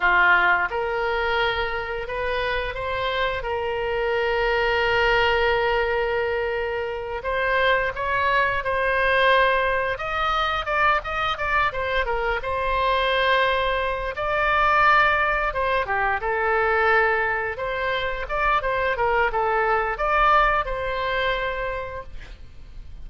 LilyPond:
\new Staff \with { instrumentName = "oboe" } { \time 4/4 \tempo 4 = 87 f'4 ais'2 b'4 | c''4 ais'2.~ | ais'2~ ais'8 c''4 cis''8~ | cis''8 c''2 dis''4 d''8 |
dis''8 d''8 c''8 ais'8 c''2~ | c''8 d''2 c''8 g'8 a'8~ | a'4. c''4 d''8 c''8 ais'8 | a'4 d''4 c''2 | }